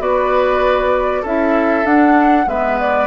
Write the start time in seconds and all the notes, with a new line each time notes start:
0.00 B3 F#4 B4 D5
1.22 C#4 E4 A4 E5
1.85 D4 F#5
2.47 G#3 B3 B4 E5
2.80 D5